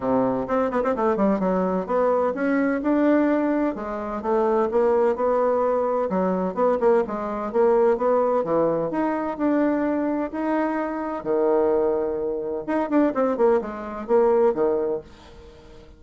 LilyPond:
\new Staff \with { instrumentName = "bassoon" } { \time 4/4 \tempo 4 = 128 c4 c'8 b16 c'16 a8 g8 fis4 | b4 cis'4 d'2 | gis4 a4 ais4 b4~ | b4 fis4 b8 ais8 gis4 |
ais4 b4 e4 dis'4 | d'2 dis'2 | dis2. dis'8 d'8 | c'8 ais8 gis4 ais4 dis4 | }